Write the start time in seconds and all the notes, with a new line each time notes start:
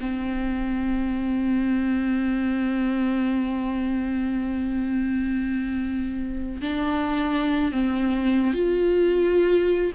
0.00 C4
6.61 D4
7.72 C4
8.54 F4